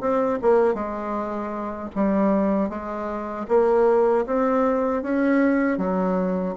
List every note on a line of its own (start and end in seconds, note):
0.00 0.38 C4
0.42 0.74 A#3
0.74 1.89 G#3
1.95 2.69 G3
2.69 3.46 G#3
3.48 4.25 A#3
4.26 5.02 C4
5.02 5.78 C#4
5.78 6.55 F#3